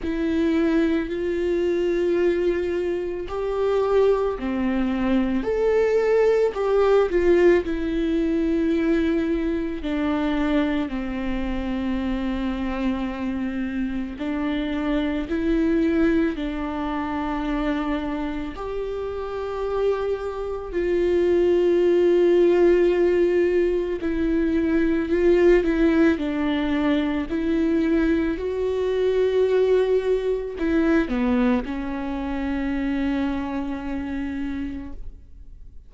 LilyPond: \new Staff \with { instrumentName = "viola" } { \time 4/4 \tempo 4 = 55 e'4 f'2 g'4 | c'4 a'4 g'8 f'8 e'4~ | e'4 d'4 c'2~ | c'4 d'4 e'4 d'4~ |
d'4 g'2 f'4~ | f'2 e'4 f'8 e'8 | d'4 e'4 fis'2 | e'8 b8 cis'2. | }